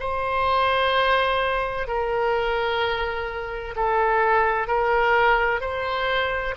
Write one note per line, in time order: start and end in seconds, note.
0.00 1.87 C5
1.87 3.75 A#4
3.76 4.68 A4
4.68 5.61 A#4
5.61 6.55 C5